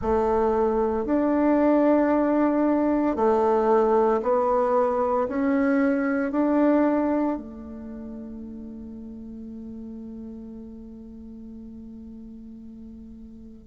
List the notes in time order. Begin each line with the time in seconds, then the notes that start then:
0.01 A3
1.05 D4
3.16 A3
4.22 B3
5.28 C#4
6.32 D4
7.37 A3